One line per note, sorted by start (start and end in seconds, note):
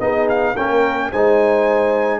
0.00 0.56 B3
0.00 0.55 D#4
0.00 0.54 G#4
0.00 0.28 D#5
0.29 0.57 F5
0.54 1.12 A#3
0.54 1.12 C#4
0.54 1.09 A#4
0.54 1.12 G5
1.11 2.20 G#3
1.11 2.20 D#4
1.11 2.20 C5
1.11 2.20 G#5